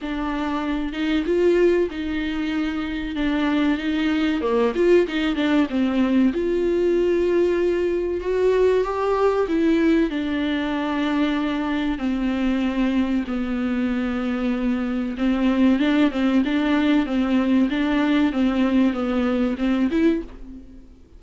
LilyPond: \new Staff \with { instrumentName = "viola" } { \time 4/4 \tempo 4 = 95 d'4. dis'8 f'4 dis'4~ | dis'4 d'4 dis'4 ais8 f'8 | dis'8 d'8 c'4 f'2~ | f'4 fis'4 g'4 e'4 |
d'2. c'4~ | c'4 b2. | c'4 d'8 c'8 d'4 c'4 | d'4 c'4 b4 c'8 e'8 | }